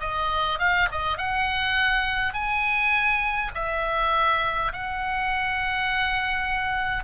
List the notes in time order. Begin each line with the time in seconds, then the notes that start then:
0.00 D#5
0.59 F5
0.91 D#5
1.18 F#5
2.33 G#5
3.55 E5
4.72 F#5